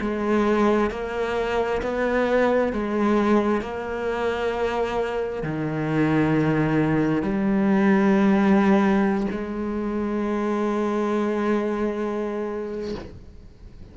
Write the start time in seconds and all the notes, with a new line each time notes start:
0.00 G#3
0.90 A#3
1.82 B3
2.73 G#3
3.61 A#3
5.43 D#3
7.22 G3
9.31 G#3